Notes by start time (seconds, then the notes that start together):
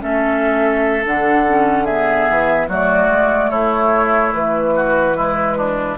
0.00 A3 C#4 A4 E5
1.05 D3 D4 F#5
1.47 C#4
1.85 B3 G#4 E5
2.30 E3
2.69 F#3 A3 F#4 D5
3.09 G#3
3.51 A3 E4 C#5
4.34 E3 B4
4.76 F#4
5.14 G#3 E4
5.58 D4